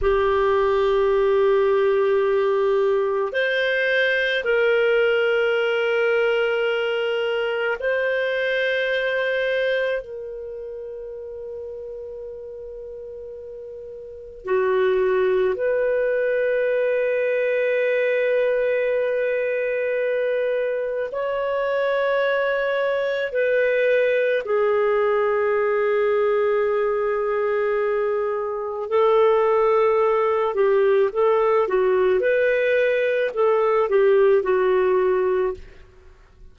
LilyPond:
\new Staff \with { instrumentName = "clarinet" } { \time 4/4 \tempo 4 = 54 g'2. c''4 | ais'2. c''4~ | c''4 ais'2.~ | ais'4 fis'4 b'2~ |
b'2. cis''4~ | cis''4 b'4 gis'2~ | gis'2 a'4. g'8 | a'8 fis'8 b'4 a'8 g'8 fis'4 | }